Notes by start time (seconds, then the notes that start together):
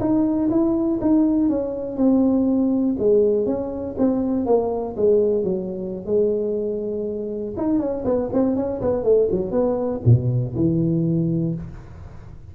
0.00 D#4
0.50 E4
1.01 D#4
1.49 C#4
1.97 C4
2.99 G#3
3.46 C#4
3.98 C4
4.46 A#3
4.97 G#3
5.43 F#3
6.05 G#3
7.57 D#4
7.79 C#4
8.05 B3
8.33 C4
8.56 C#4
8.81 B3
9.04 A3
9.31 F#3
9.51 B3
10.05 B2
10.55 E3